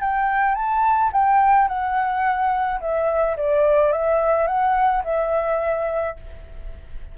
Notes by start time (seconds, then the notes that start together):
0.00 G5
0.55 A5
1.12 G5
1.68 F#5
2.80 E5
3.36 D5
3.92 E5
4.47 F#5
5.04 E5